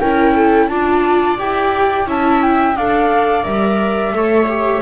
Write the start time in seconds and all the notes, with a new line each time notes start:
0.00 C#4 E4 A#4 G5
0.34 A4
0.68 D4 F4 D5 A5
1.38 E4 G4 G5
2.05 C#4 E4 E5 A5
2.42 G5
2.75 D4 A4 D5 F5
3.43 G3 A#4 E5
4.12 A3 A4 C#5
4.48 G4